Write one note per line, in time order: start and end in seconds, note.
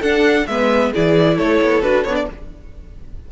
0.00 0.47 D4
0.00 0.48 D4
0.00 0.45 A4
0.00 0.47 F#5
0.47 0.92 G#3
0.47 0.94 B3
0.47 0.93 B4
0.47 0.92 E5
0.93 1.38 E3
0.93 1.83 E4
0.93 1.37 G#4
0.93 1.38 D5
1.37 1.61 A3
1.37 2.26 A4
1.37 1.82 C#5
1.62 1.82 B3
1.82 2.05 D4
1.82 2.05 F#4
1.82 2.04 B4
2.04 2.27 B3
2.04 2.32 D4
2.04 2.15 C#5
2.15 2.27 D5